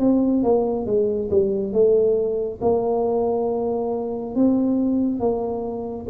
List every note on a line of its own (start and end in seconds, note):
0.00 0.43 C4
0.44 0.87 A#3
0.87 1.30 G#3
1.31 1.73 G3
1.73 2.60 A3
2.62 4.36 A#3
4.36 5.20 C4
5.20 6.07 A#3